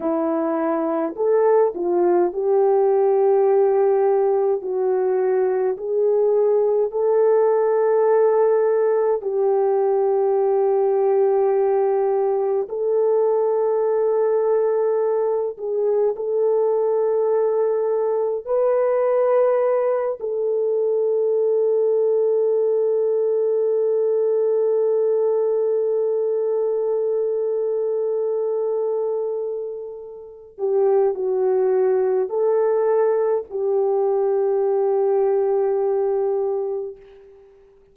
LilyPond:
\new Staff \with { instrumentName = "horn" } { \time 4/4 \tempo 4 = 52 e'4 a'8 f'8 g'2 | fis'4 gis'4 a'2 | g'2. a'4~ | a'4. gis'8 a'2 |
b'4. a'2~ a'8~ | a'1~ | a'2~ a'8 g'8 fis'4 | a'4 g'2. | }